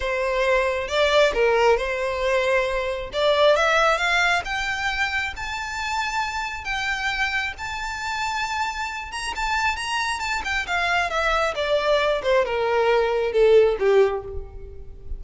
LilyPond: \new Staff \with { instrumentName = "violin" } { \time 4/4 \tempo 4 = 135 c''2 d''4 ais'4 | c''2. d''4 | e''4 f''4 g''2 | a''2. g''4~ |
g''4 a''2.~ | a''8 ais''8 a''4 ais''4 a''8 g''8 | f''4 e''4 d''4. c''8 | ais'2 a'4 g'4 | }